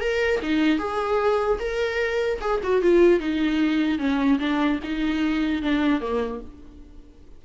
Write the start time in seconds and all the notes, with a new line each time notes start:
0.00 A#4
0.42 D#4
0.78 G#4
1.59 A#4
2.40 G#4
2.63 F#4
2.82 F4
3.19 D#4
3.98 C#4
4.39 D4
4.83 D#4
5.62 D4
6.00 A#3